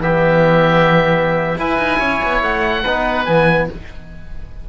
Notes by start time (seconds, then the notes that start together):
0.00 E3 B3 G4 E5
1.57 E4 B4 G#5
1.78 D#4
1.99 C#4 C#5
2.23 B3
2.42 A3 F#5
2.83 B3 D#4 B4
3.25 E3 B3 G#5